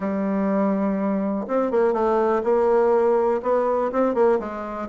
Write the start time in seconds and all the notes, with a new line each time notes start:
0.00 G3
1.47 C4
1.71 A#3
1.93 A3
2.43 A#3
3.42 B3
3.92 C4
4.14 A#3
4.39 G#3